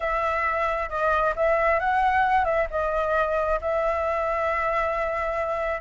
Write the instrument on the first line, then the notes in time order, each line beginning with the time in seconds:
flute
0.00 E5
0.89 D#5
1.36 E5
1.79 F#5
2.44 E5
2.70 D#5
3.61 E5